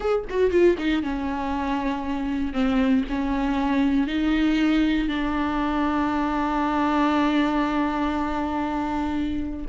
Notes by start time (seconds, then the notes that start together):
0.00 G#4
0.29 F#4
0.50 F4
0.78 D#4
1.02 C#4
2.53 C4
3.09 C#4
4.07 D#4
5.08 D4